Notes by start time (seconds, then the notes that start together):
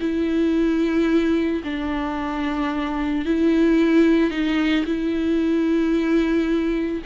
0.00 E4
1.64 D4
3.25 E4
4.30 D#4
4.86 E4